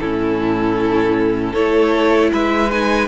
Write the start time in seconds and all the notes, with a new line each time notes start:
0.00 A2 C#4 E4 A4
1.52 A3 E4 A4 C#5
2.32 G#3 B4 E5
2.71 D#4 G#5